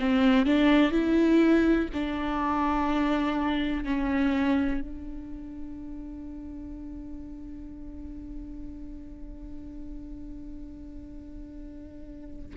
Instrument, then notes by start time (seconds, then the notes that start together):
viola
0.00 C4
0.46 D4
0.92 E4
1.94 D4
3.85 C#4
4.81 D4